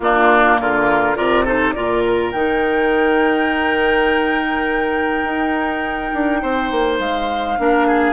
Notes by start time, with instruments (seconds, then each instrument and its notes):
0.00 bassoon A#3, clarinet A#3, oboe D4, flute F4
0.59 bassoon D3, oboe F4, flute A#4
1.15 bassoon C3, clarinet F4, oboe A#4, flute D5
1.44 clarinet D#4, oboe A4, flute C5
1.72 bassoon A#2, clarinet F4, oboe A#4, flute D5
2.05 flute A#4
2.31 bassoon D#3, clarinet D#4, flute G5
5.24 bassoon D#4
6.13 bassoon D4
6.42 bassoon C4, oboe C5
6.71 bassoon A#3
6.99 bassoon G#3, flute F5
7.58 bassoon A#3, clarinet D4, oboe A#4
7.87 oboe G#4